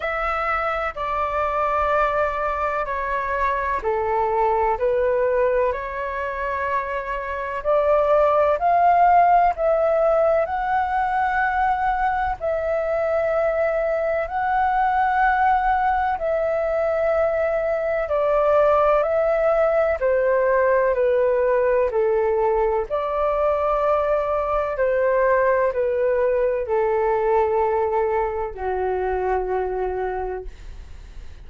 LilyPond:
\new Staff \with { instrumentName = "flute" } { \time 4/4 \tempo 4 = 63 e''4 d''2 cis''4 | a'4 b'4 cis''2 | d''4 f''4 e''4 fis''4~ | fis''4 e''2 fis''4~ |
fis''4 e''2 d''4 | e''4 c''4 b'4 a'4 | d''2 c''4 b'4 | a'2 fis'2 | }